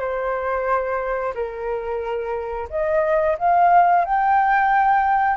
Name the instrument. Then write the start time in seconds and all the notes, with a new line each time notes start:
flute
0.00 C5
1.35 A#4
2.70 D#5
3.38 F5
4.05 G5